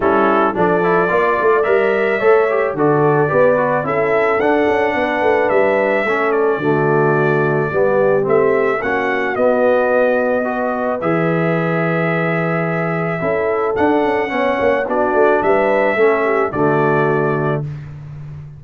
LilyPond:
<<
  \new Staff \with { instrumentName = "trumpet" } { \time 4/4 \tempo 4 = 109 a'4 d''2 e''4~ | e''4 d''2 e''4 | fis''2 e''4. d''8~ | d''2. e''4 |
fis''4 dis''2. | e''1~ | e''4 fis''2 d''4 | e''2 d''2 | }
  \new Staff \with { instrumentName = "horn" } { \time 4/4 e'4 a'4 d''2 | cis''4 a'4 b'4 a'4~ | a'4 b'2 a'4 | fis'2 g'2 |
fis'2. b'4~ | b'1 | a'2 cis''4 fis'4 | b'4 a'8 g'8 fis'2 | }
  \new Staff \with { instrumentName = "trombone" } { \time 4/4 cis'4 d'8 e'8 f'4 ais'4 | a'8 g'8 fis'4 g'8 fis'8 e'4 | d'2. cis'4 | a2 b4 c'4 |
cis'4 b2 fis'4 | gis'1 | e'4 d'4 cis'4 d'4~ | d'4 cis'4 a2 | }
  \new Staff \with { instrumentName = "tuba" } { \time 4/4 g4 f4 ais8 a8 g4 | a4 d4 b4 cis'4 | d'8 cis'8 b8 a8 g4 a4 | d2 g4 a4 |
ais4 b2. | e1 | cis'4 d'8 cis'8 b8 ais8 b8 a8 | g4 a4 d2 | }
>>